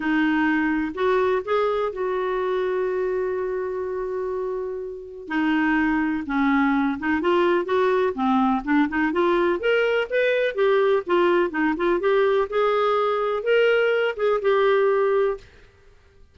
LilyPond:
\new Staff \with { instrumentName = "clarinet" } { \time 4/4 \tempo 4 = 125 dis'2 fis'4 gis'4 | fis'1~ | fis'2. dis'4~ | dis'4 cis'4. dis'8 f'4 |
fis'4 c'4 d'8 dis'8 f'4 | ais'4 b'4 g'4 f'4 | dis'8 f'8 g'4 gis'2 | ais'4. gis'8 g'2 | }